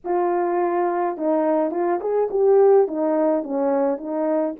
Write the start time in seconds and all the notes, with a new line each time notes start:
0.04 F4
1.17 D#4
1.71 F4
2.00 G#4
2.30 G4
2.87 D#4
3.43 C#4
3.97 D#4